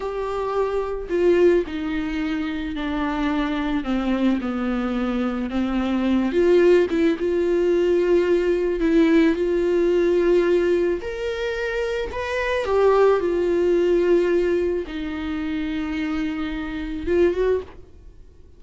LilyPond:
\new Staff \with { instrumentName = "viola" } { \time 4/4 \tempo 4 = 109 g'2 f'4 dis'4~ | dis'4 d'2 c'4 | b2 c'4. f'8~ | f'8 e'8 f'2. |
e'4 f'2. | ais'2 b'4 g'4 | f'2. dis'4~ | dis'2. f'8 fis'8 | }